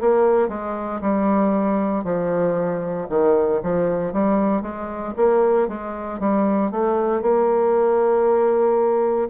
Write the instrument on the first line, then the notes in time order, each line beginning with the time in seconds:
bassoon
0.00 A#3
0.48 G#3
1.01 G3
2.04 F3
3.08 D#3
3.63 F3
4.12 G3
4.62 G#3
5.16 A#3
5.68 G#3
6.19 G3
6.71 A3
7.21 A#3